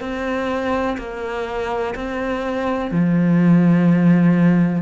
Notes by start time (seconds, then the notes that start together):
0.00 C4
0.97 A#3
1.94 C4
2.91 F3